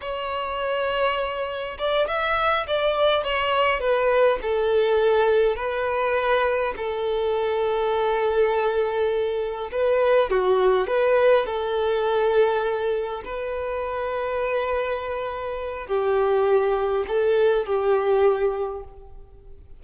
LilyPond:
\new Staff \with { instrumentName = "violin" } { \time 4/4 \tempo 4 = 102 cis''2. d''8 e''8~ | e''8 d''4 cis''4 b'4 a'8~ | a'4. b'2 a'8~ | a'1~ |
a'8 b'4 fis'4 b'4 a'8~ | a'2~ a'8 b'4.~ | b'2. g'4~ | g'4 a'4 g'2 | }